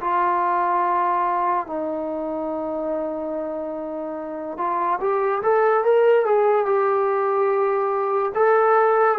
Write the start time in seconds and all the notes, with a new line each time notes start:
0.00 F4
1.66 D#4
4.57 F4
5.00 G4
5.42 A4
5.84 A#4
6.25 G#4
6.65 G4
8.34 A4